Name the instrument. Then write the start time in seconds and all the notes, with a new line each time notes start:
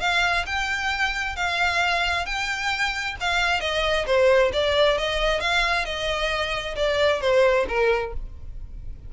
violin
0.00 F5
0.46 G5
1.36 F5
2.25 G5
3.20 F5
3.60 D#5
4.06 C5
4.53 D5
4.98 D#5
5.40 F5
5.85 D#5
6.75 D5
7.21 C5
7.68 A#4